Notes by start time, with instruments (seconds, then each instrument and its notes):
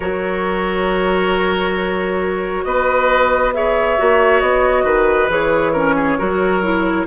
0.00 bassoon F#3, clarinet F#4, oboe A#4, flute C#5
2.64 bassoon B3, oboe B4, flute D#5
3.53 clarinet G#4, oboe C#5, flute E5
3.97 bassoon A#3, clarinet F#4
4.40 bassoon B3, flute D#5
4.83 bassoon D#3, oboe B4
5.28 bassoon E3, clarinet G#4, flute C#5
5.72 clarinet C#4, oboe A#4
5.95 oboe G#4
6.18 bassoon F#3, clarinet F#4, oboe A#4
6.62 clarinet E4